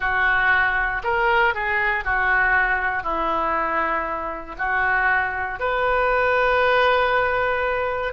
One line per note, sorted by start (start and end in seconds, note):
0.00 1.02 F#4
1.03 1.54 A#4
1.54 2.04 G#4
2.04 3.03 F#4
3.03 4.55 E4
4.58 5.59 F#4
5.59 8.13 B4